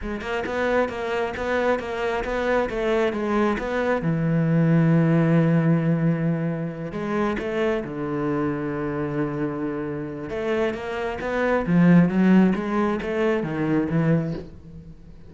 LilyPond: \new Staff \with { instrumentName = "cello" } { \time 4/4 \tempo 4 = 134 gis8 ais8 b4 ais4 b4 | ais4 b4 a4 gis4 | b4 e2.~ | e2.~ e8 gis8~ |
gis8 a4 d2~ d8~ | d2. a4 | ais4 b4 f4 fis4 | gis4 a4 dis4 e4 | }